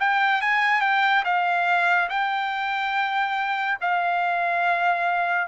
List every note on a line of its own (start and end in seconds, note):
0.00 0.41 G5
0.41 0.81 G#5
0.81 1.23 G5
1.24 2.09 F5
2.09 3.78 G5
3.81 5.47 F5